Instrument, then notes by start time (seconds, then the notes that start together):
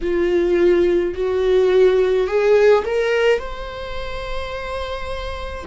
viola
0.01 F4
1.14 F#4
2.26 G#4
2.85 A#4
3.39 C5